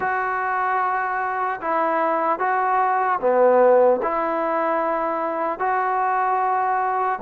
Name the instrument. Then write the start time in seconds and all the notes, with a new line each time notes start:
trombone
0.00 F#4
1.60 E4
2.39 F#4
3.20 B3
4.02 E4
5.59 F#4